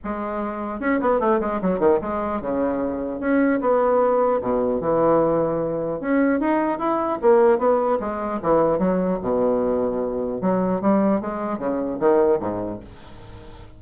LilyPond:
\new Staff \with { instrumentName = "bassoon" } { \time 4/4 \tempo 4 = 150 gis2 cis'8 b8 a8 gis8 | fis8 dis8 gis4 cis2 | cis'4 b2 b,4 | e2. cis'4 |
dis'4 e'4 ais4 b4 | gis4 e4 fis4 b,4~ | b,2 fis4 g4 | gis4 cis4 dis4 gis,4 | }